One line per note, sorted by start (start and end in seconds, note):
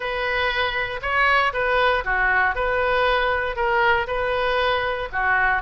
0.00 1.00 B4
1.02 1.53 C#5
1.53 2.04 B4
2.04 2.55 F#4
2.55 3.55 B4
3.55 4.06 A#4
4.07 5.08 B4
5.12 5.62 F#4